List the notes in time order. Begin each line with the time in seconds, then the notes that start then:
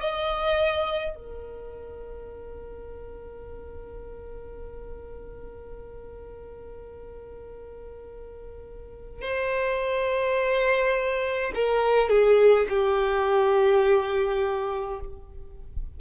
0.00 D#5
1.15 A#4
9.22 C5
11.54 A#4
12.09 G#4
12.69 G4